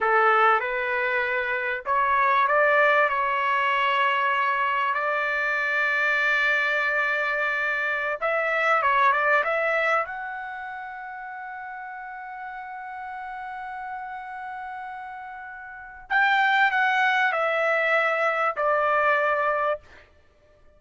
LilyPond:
\new Staff \with { instrumentName = "trumpet" } { \time 4/4 \tempo 4 = 97 a'4 b'2 cis''4 | d''4 cis''2. | d''1~ | d''4~ d''16 e''4 cis''8 d''8 e''8.~ |
e''16 fis''2.~ fis''8.~ | fis''1~ | fis''2 g''4 fis''4 | e''2 d''2 | }